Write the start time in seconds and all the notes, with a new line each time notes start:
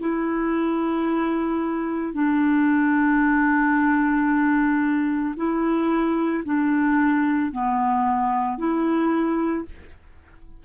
0.00 E4
2.14 D4
5.37 E4
6.45 D4
7.52 B3
8.58 E4